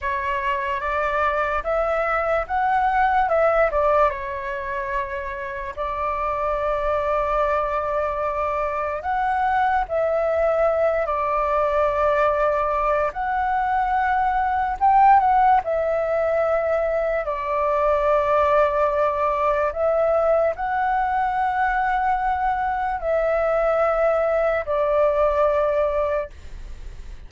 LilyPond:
\new Staff \with { instrumentName = "flute" } { \time 4/4 \tempo 4 = 73 cis''4 d''4 e''4 fis''4 | e''8 d''8 cis''2 d''4~ | d''2. fis''4 | e''4. d''2~ d''8 |
fis''2 g''8 fis''8 e''4~ | e''4 d''2. | e''4 fis''2. | e''2 d''2 | }